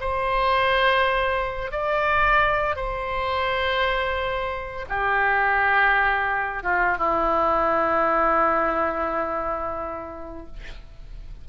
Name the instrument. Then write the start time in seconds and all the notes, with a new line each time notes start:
oboe
0.00 C5
1.71 D5
2.76 C5
4.89 G4
6.63 F4
6.98 E4